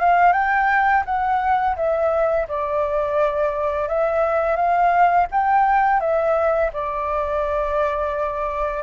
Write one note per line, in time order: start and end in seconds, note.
0.00 0.33 F5
0.33 1.03 G5
1.05 1.76 F#5
1.76 2.47 E5
2.48 3.88 D5
3.88 4.56 E5
4.56 5.27 F5
5.31 6.00 G5
6.00 6.71 E5
6.73 8.83 D5